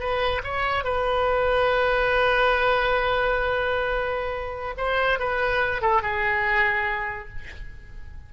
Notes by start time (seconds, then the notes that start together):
0.00 B4
0.44 C#5
0.85 B4
4.78 C5
5.20 B4
5.82 A4
6.03 G#4